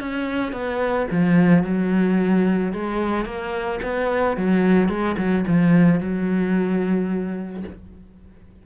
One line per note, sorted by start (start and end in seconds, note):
0.00 0.52 C#4
0.52 1.07 B3
1.11 1.64 F3
1.64 2.73 F#3
2.73 3.25 G#3
3.25 3.80 A#3
3.82 4.37 B3
4.37 4.89 F#3
4.89 5.16 G#3
5.18 5.45 F#3
5.47 6.00 F3
6.00 7.64 F#3